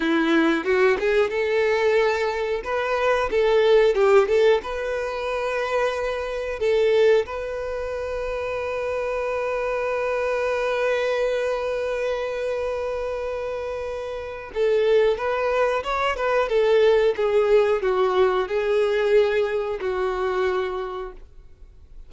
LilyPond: \new Staff \with { instrumentName = "violin" } { \time 4/4 \tempo 4 = 91 e'4 fis'8 gis'8 a'2 | b'4 a'4 g'8 a'8 b'4~ | b'2 a'4 b'4~ | b'1~ |
b'1~ | b'2 a'4 b'4 | cis''8 b'8 a'4 gis'4 fis'4 | gis'2 fis'2 | }